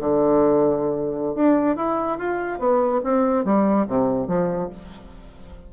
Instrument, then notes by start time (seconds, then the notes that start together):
bassoon
0.00 D3
1.35 D4
1.77 E4
2.18 F4
2.59 B3
3.04 C4
3.45 G3
3.88 C3
4.27 F3